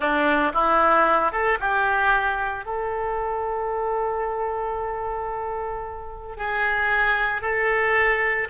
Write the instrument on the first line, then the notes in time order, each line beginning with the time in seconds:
oboe
0.00 D4
0.53 E4
1.31 A4
1.60 G4
2.65 A4
6.36 G#4
7.41 A4